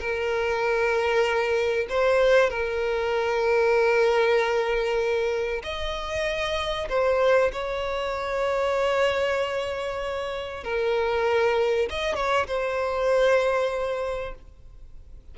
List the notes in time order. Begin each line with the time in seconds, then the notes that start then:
0.00 A#4
1.90 C5
2.50 A#4
5.64 D#5
6.89 C5
7.53 C#5
10.64 A#4
11.90 D#5
12.16 C#5
12.47 C5